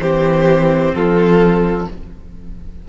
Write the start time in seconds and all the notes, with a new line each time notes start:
0.00 E3 C4 G4 C5
0.94 F3 F4 A4